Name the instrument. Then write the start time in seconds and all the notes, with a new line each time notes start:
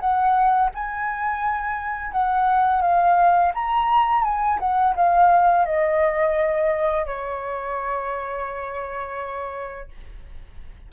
flute
0.00 F#5
0.74 G#5
2.12 F#5
2.82 F5
3.55 A#5
4.24 G#5
4.59 F#5
4.95 F5
5.65 D#5
7.06 C#5